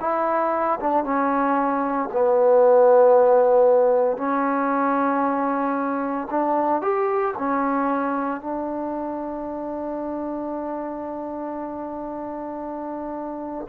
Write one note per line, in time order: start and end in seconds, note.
0.00 0.79 E4
0.80 1.04 D4
1.04 2.09 C#4
2.12 4.17 B3
4.17 6.28 C#4
6.30 6.82 D4
6.82 7.34 G4
7.38 8.41 C#4
8.41 13.67 D4